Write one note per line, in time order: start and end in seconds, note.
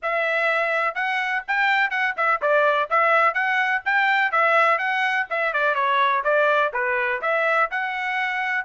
0.02 0.94 E5
0.94 1.42 F#5
1.47 1.90 G5
1.90 2.14 F#5
2.16 2.40 E5
2.41 2.89 D5
2.89 3.34 E5
3.34 3.82 F#5
3.85 4.31 G5
4.31 4.78 E5
4.78 5.26 F#5
5.30 5.53 E5
5.53 5.74 D5
5.74 6.22 C#5
6.24 6.72 D5
6.73 7.21 B4
7.21 7.69 E5
7.70 8.64 F#5